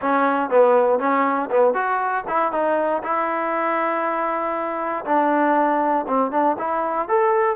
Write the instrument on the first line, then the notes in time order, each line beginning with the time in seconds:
trombone
0.01 C#4
0.50 B3
0.99 C#4
1.50 B3
1.74 F#4
2.27 E4
2.52 D#4
3.03 E4
5.05 D4
6.07 C4
6.31 D4
6.58 E4
7.08 A4